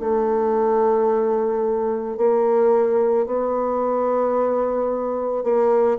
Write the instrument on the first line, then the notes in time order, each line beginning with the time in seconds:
bassoon
0.00 A3
2.17 A#3
3.26 B3
5.44 A#3